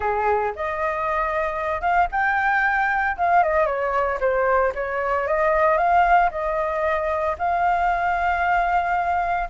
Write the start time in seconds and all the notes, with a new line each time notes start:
0.00 G#4
0.55 D#5
1.81 F5
2.11 G5
3.17 F5
3.43 D#5
3.66 C#5
4.20 C5
4.74 C#5
5.27 D#5
5.77 F5
6.30 D#5
7.38 F5